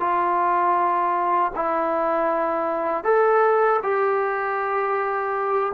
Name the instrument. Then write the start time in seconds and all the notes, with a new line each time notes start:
trombone
0.00 F4
1.56 E4
3.04 A4
3.83 G4